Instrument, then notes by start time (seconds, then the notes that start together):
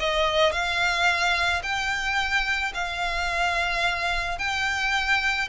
violin
0.00 D#5
0.52 F5
1.63 G5
2.74 F5
4.39 G5